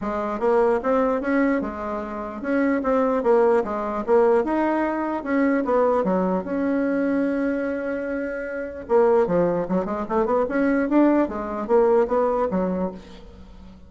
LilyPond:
\new Staff \with { instrumentName = "bassoon" } { \time 4/4 \tempo 4 = 149 gis4 ais4 c'4 cis'4 | gis2 cis'4 c'4 | ais4 gis4 ais4 dis'4~ | dis'4 cis'4 b4 fis4 |
cis'1~ | cis'2 ais4 f4 | fis8 gis8 a8 b8 cis'4 d'4 | gis4 ais4 b4 fis4 | }